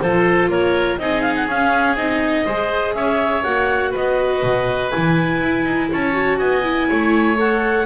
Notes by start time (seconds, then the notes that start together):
0.00 F3 F4 A4 C5
0.48 A#3 A#4 C#5
0.98 C4 D#4 G#4 D#5
1.21 F5
1.35 F#5
1.47 C#4 F5
1.95 C4 D#4 D#5
2.45 G#3 G#4 C5
2.94 C#4 C#5 E5
3.43 A#3 F#4 F#5
3.91 B3 B4 D#5
4.43 B2
4.91 E3 E4 G#5
5.41 E4
5.65 D#4
5.91 C#4 C#5 A5
6.13 F#4
6.38 B3 D#5 G#5
6.63 E4
6.88 A3 C#5
7.37 A4 F#5